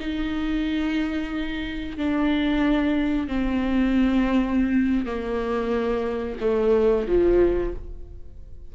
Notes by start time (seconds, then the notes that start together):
0.00 D#4
1.97 D4
3.28 C4
5.06 A#3
6.40 A3
7.08 F3